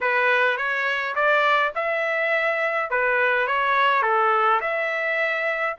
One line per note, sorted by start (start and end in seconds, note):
0.00 0.57 B4
0.57 1.15 C#5
1.15 1.73 D5
1.75 2.90 E5
2.90 3.47 B4
3.47 4.02 C#5
4.02 4.60 A4
4.60 5.76 E5